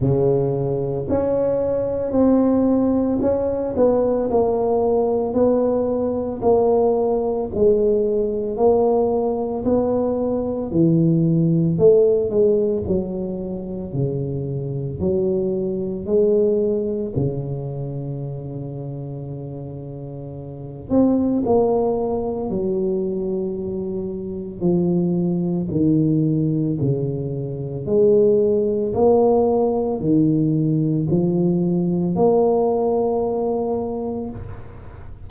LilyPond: \new Staff \with { instrumentName = "tuba" } { \time 4/4 \tempo 4 = 56 cis4 cis'4 c'4 cis'8 b8 | ais4 b4 ais4 gis4 | ais4 b4 e4 a8 gis8 | fis4 cis4 fis4 gis4 |
cis2.~ cis8 c'8 | ais4 fis2 f4 | dis4 cis4 gis4 ais4 | dis4 f4 ais2 | }